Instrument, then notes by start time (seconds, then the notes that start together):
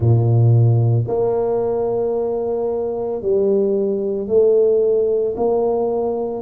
tuba
0.00 A#2
1.07 A#3
3.21 G3
4.27 A3
5.36 A#3